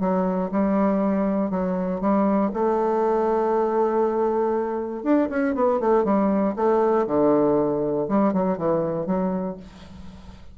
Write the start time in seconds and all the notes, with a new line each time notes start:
0.00 F#3
0.51 G3
1.51 F#3
2.01 G3
2.53 A3
5.03 D4
5.29 C#4
5.55 B3
5.80 A3
6.04 G3
6.56 A3
7.07 D3
8.08 G3
8.33 F#3
8.57 E3
9.06 F#3